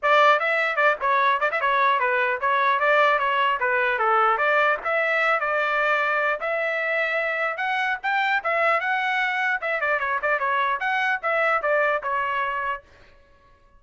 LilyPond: \new Staff \with { instrumentName = "trumpet" } { \time 4/4 \tempo 4 = 150 d''4 e''4 d''8 cis''4 d''16 e''16 | cis''4 b'4 cis''4 d''4 | cis''4 b'4 a'4 d''4 | e''4. d''2~ d''8 |
e''2. fis''4 | g''4 e''4 fis''2 | e''8 d''8 cis''8 d''8 cis''4 fis''4 | e''4 d''4 cis''2 | }